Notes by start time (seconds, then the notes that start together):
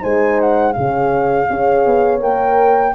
0.00 G#3 D#4 C5 G#5
0.41 F#5
0.73 C#3 C#4 G#4 F5
1.49 C#4 G#4 C#5
1.86 B3
2.20 A#3 A#4 G5